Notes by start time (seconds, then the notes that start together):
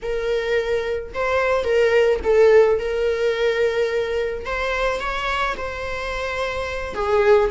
0.02 A#4
1.13 C5
1.64 A#4
2.23 A4
2.79 A#4
4.45 C5
5.00 C#5
5.57 C5
6.94 G#4